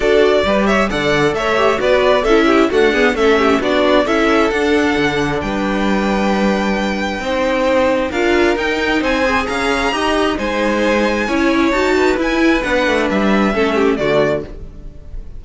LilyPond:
<<
  \new Staff \with { instrumentName = "violin" } { \time 4/4 \tempo 4 = 133 d''4. e''8 fis''4 e''4 | d''4 e''4 fis''4 e''4 | d''4 e''4 fis''2 | g''1~ |
g''2 f''4 g''4 | gis''4 ais''2 gis''4~ | gis''2 a''4 gis''4 | fis''4 e''2 d''4 | }
  \new Staff \with { instrumentName = "violin" } { \time 4/4 a'4 b'8 cis''8 d''4 cis''4 | b'4 a'8 g'8 fis'8 gis'8 a'8 g'8 | fis'4 a'2. | b'1 |
c''2 ais'2 | c''4 f''4 dis''4 c''4~ | c''4 cis''4. b'4.~ | b'2 a'8 g'8 fis'4 | }
  \new Staff \with { instrumentName = "viola" } { \time 4/4 fis'4 g'4 a'4. g'8 | fis'4 e'4 a8 b8 cis'4 | d'4 e'4 d'2~ | d'1 |
dis'2 f'4 dis'4~ | dis'8 gis'4. g'4 dis'4~ | dis'4 e'4 fis'4 e'4 | d'2 cis'4 a4 | }
  \new Staff \with { instrumentName = "cello" } { \time 4/4 d'4 g4 d4 a4 | b4 cis'4 d'4 a4 | b4 cis'4 d'4 d4 | g1 |
c'2 d'4 dis'4 | c'4 cis'4 dis'4 gis4~ | gis4 cis'4 dis'4 e'4 | b8 a8 g4 a4 d4 | }
>>